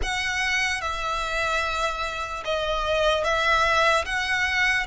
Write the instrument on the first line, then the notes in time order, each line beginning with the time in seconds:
violin
0.02 F#5
0.81 E5
2.45 D#5
3.24 E5
4.05 F#5